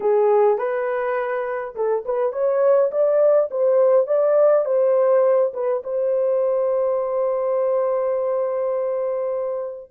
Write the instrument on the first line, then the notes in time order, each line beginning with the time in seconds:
horn
0.00 G#4
0.58 B4
1.75 A4
2.05 B4
2.32 C#5
2.91 D5
3.50 C5
4.06 D5
4.65 C5
5.53 B4
5.83 C5